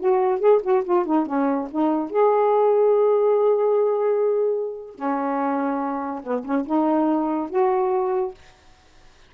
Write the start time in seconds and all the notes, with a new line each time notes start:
0.00 F#4
0.40 G#4
0.63 F#4
0.85 F4
1.05 D#4
1.27 C#4
1.71 D#4
2.10 G#4
4.95 C#4
6.23 B3
6.45 C#4
6.66 D#4
7.50 F#4